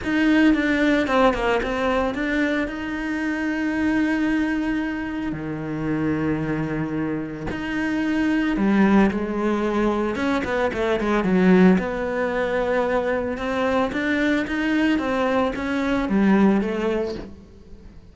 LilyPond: \new Staff \with { instrumentName = "cello" } { \time 4/4 \tempo 4 = 112 dis'4 d'4 c'8 ais8 c'4 | d'4 dis'2.~ | dis'2 dis2~ | dis2 dis'2 |
g4 gis2 cis'8 b8 | a8 gis8 fis4 b2~ | b4 c'4 d'4 dis'4 | c'4 cis'4 g4 a4 | }